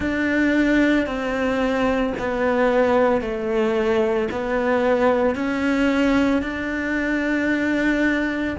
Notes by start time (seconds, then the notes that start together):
0.00 D4
1.06 C4
2.18 B3
3.21 A3
4.31 B3
5.35 C#4
6.42 D4